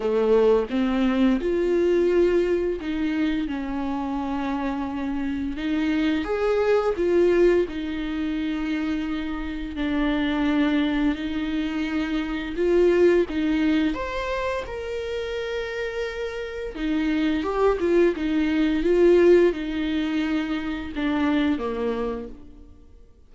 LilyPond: \new Staff \with { instrumentName = "viola" } { \time 4/4 \tempo 4 = 86 a4 c'4 f'2 | dis'4 cis'2. | dis'4 gis'4 f'4 dis'4~ | dis'2 d'2 |
dis'2 f'4 dis'4 | c''4 ais'2. | dis'4 g'8 f'8 dis'4 f'4 | dis'2 d'4 ais4 | }